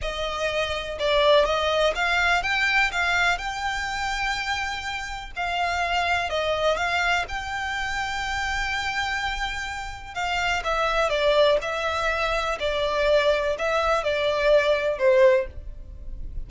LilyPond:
\new Staff \with { instrumentName = "violin" } { \time 4/4 \tempo 4 = 124 dis''2 d''4 dis''4 | f''4 g''4 f''4 g''4~ | g''2. f''4~ | f''4 dis''4 f''4 g''4~ |
g''1~ | g''4 f''4 e''4 d''4 | e''2 d''2 | e''4 d''2 c''4 | }